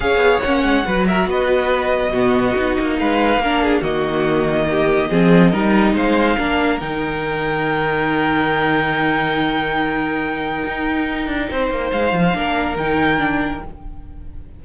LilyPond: <<
  \new Staff \with { instrumentName = "violin" } { \time 4/4 \tempo 4 = 141 f''4 fis''4. e''8 dis''4~ | dis''2. f''4~ | f''4 dis''2.~ | dis''2 f''2 |
g''1~ | g''1~ | g''1 | f''2 g''2 | }
  \new Staff \with { instrumentName = "violin" } { \time 4/4 cis''2 b'8 ais'8 b'4~ | b'4 fis'2 b'4 | ais'8 gis'8 fis'2 g'4 | gis'4 ais'4 c''4 ais'4~ |
ais'1~ | ais'1~ | ais'2. c''4~ | c''4 ais'2. | }
  \new Staff \with { instrumentName = "viola" } { \time 4/4 gis'4 cis'4 fis'2~ | fis'4 b4 dis'2 | d'4 ais2. | c'4 dis'2 d'4 |
dis'1~ | dis'1~ | dis'1~ | dis'4 d'4 dis'4 d'4 | }
  \new Staff \with { instrumentName = "cello" } { \time 4/4 cis'8 b8 ais8 gis8 fis4 b4~ | b4 b,4 b8 ais8 gis4 | ais4 dis2. | f4 g4 gis4 ais4 |
dis1~ | dis1~ | dis4 dis'4. d'8 c'8 ais8 | gis8 f8 ais4 dis2 | }
>>